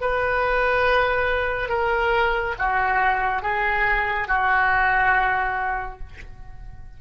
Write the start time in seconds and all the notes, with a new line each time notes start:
0.00 B4
1.69 A#4
2.58 F#4
3.42 G#4
4.28 F#4